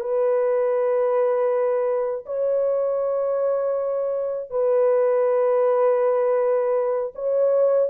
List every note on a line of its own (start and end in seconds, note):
0.00 2.25 B4
2.25 4.50 C#5
4.50 7.12 B4
7.15 7.89 C#5